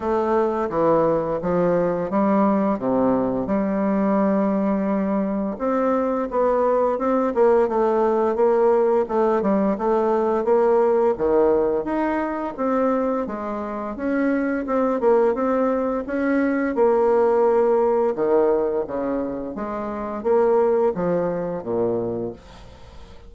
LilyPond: \new Staff \with { instrumentName = "bassoon" } { \time 4/4 \tempo 4 = 86 a4 e4 f4 g4 | c4 g2. | c'4 b4 c'8 ais8 a4 | ais4 a8 g8 a4 ais4 |
dis4 dis'4 c'4 gis4 | cis'4 c'8 ais8 c'4 cis'4 | ais2 dis4 cis4 | gis4 ais4 f4 ais,4 | }